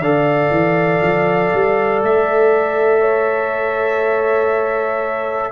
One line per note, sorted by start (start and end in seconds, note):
0.00 0.50 D3
0.00 5.52 A4
0.00 3.01 D5
0.00 2.02 F5
0.51 1.01 E3
1.02 1.52 F3
1.54 2.03 G3
2.03 5.52 A3
2.03 5.52 E5
3.01 5.51 C#5